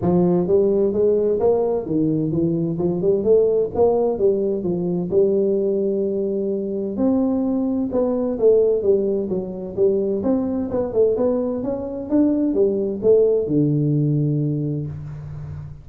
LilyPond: \new Staff \with { instrumentName = "tuba" } { \time 4/4 \tempo 4 = 129 f4 g4 gis4 ais4 | dis4 e4 f8 g8 a4 | ais4 g4 f4 g4~ | g2. c'4~ |
c'4 b4 a4 g4 | fis4 g4 c'4 b8 a8 | b4 cis'4 d'4 g4 | a4 d2. | }